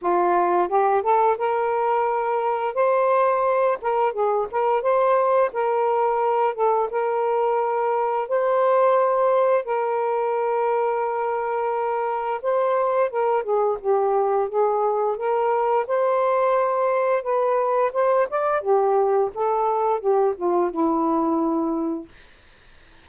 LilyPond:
\new Staff \with { instrumentName = "saxophone" } { \time 4/4 \tempo 4 = 87 f'4 g'8 a'8 ais'2 | c''4. ais'8 gis'8 ais'8 c''4 | ais'4. a'8 ais'2 | c''2 ais'2~ |
ais'2 c''4 ais'8 gis'8 | g'4 gis'4 ais'4 c''4~ | c''4 b'4 c''8 d''8 g'4 | a'4 g'8 f'8 e'2 | }